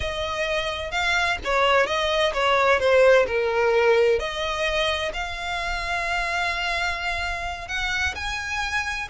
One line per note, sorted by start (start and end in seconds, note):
0.00 0.91 D#5
0.91 1.37 F5
1.44 1.86 C#5
1.86 2.32 D#5
2.33 2.79 C#5
2.79 3.26 C5
3.27 4.19 A#4
4.19 5.12 D#5
5.13 7.67 F5
7.67 8.14 F#5
8.15 9.08 G#5